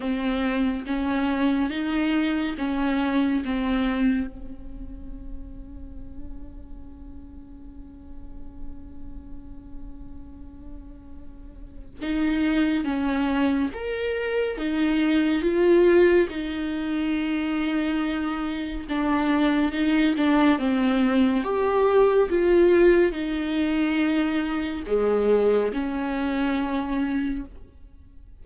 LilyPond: \new Staff \with { instrumentName = "viola" } { \time 4/4 \tempo 4 = 70 c'4 cis'4 dis'4 cis'4 | c'4 cis'2.~ | cis'1~ | cis'2 dis'4 cis'4 |
ais'4 dis'4 f'4 dis'4~ | dis'2 d'4 dis'8 d'8 | c'4 g'4 f'4 dis'4~ | dis'4 gis4 cis'2 | }